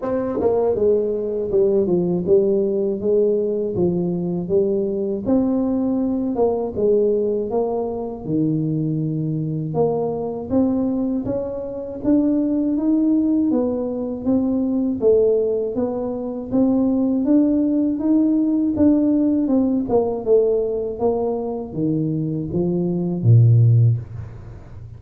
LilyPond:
\new Staff \with { instrumentName = "tuba" } { \time 4/4 \tempo 4 = 80 c'8 ais8 gis4 g8 f8 g4 | gis4 f4 g4 c'4~ | c'8 ais8 gis4 ais4 dis4~ | dis4 ais4 c'4 cis'4 |
d'4 dis'4 b4 c'4 | a4 b4 c'4 d'4 | dis'4 d'4 c'8 ais8 a4 | ais4 dis4 f4 ais,4 | }